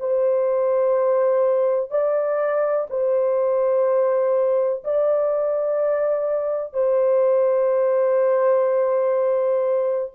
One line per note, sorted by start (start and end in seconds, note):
0.00 1.91 C5
1.91 2.88 D5
2.90 4.84 C5
4.85 6.74 D5
6.74 10.13 C5